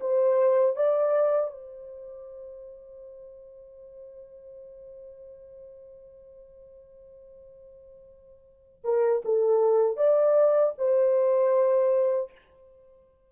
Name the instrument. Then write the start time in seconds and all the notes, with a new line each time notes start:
horn
0.00 C5
0.76 D5
1.51 C5
8.84 A#4
9.24 A4
9.96 D5
10.78 C5